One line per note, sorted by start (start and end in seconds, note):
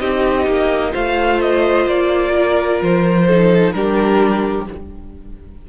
0.00 0.47 C4
0.00 0.92 D#4
0.00 0.92 G4
0.00 0.94 D#5
0.47 0.94 A#3
0.92 1.87 A3
0.92 3.26 F4
0.92 2.32 C5
0.92 1.41 F5
1.41 1.88 D#5
1.87 2.80 A#3
1.87 2.82 D5
2.35 3.28 A#4
2.82 3.74 F3
2.82 3.72 C5
3.28 3.74 D#4
3.28 3.74 A4
3.72 4.67 G3
3.72 4.68 D4
3.72 4.70 G4
3.72 4.66 A#4